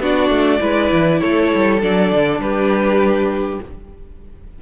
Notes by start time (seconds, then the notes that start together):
0.00 B3 D4 F#4 D5
0.29 A3
0.60 G#3 E4 B4
0.92 E3
1.20 A3 A4 C#5
1.55 G3
1.81 F#3 D4 D5
2.12 D3
2.39 G3 G4 B4